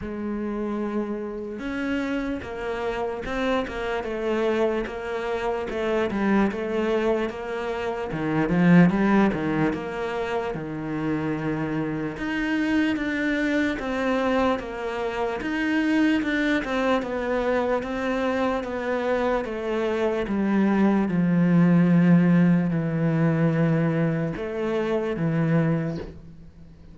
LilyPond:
\new Staff \with { instrumentName = "cello" } { \time 4/4 \tempo 4 = 74 gis2 cis'4 ais4 | c'8 ais8 a4 ais4 a8 g8 | a4 ais4 dis8 f8 g8 dis8 | ais4 dis2 dis'4 |
d'4 c'4 ais4 dis'4 | d'8 c'8 b4 c'4 b4 | a4 g4 f2 | e2 a4 e4 | }